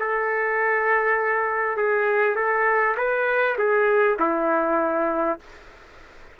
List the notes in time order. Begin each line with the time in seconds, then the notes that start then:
0.00 A4
1.78 G#4
2.36 A4
2.97 B4
3.58 G#4
4.20 E4